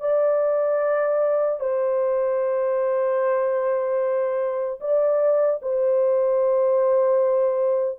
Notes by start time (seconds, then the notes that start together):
0.00 D5
1.60 C5
4.80 D5
5.62 C5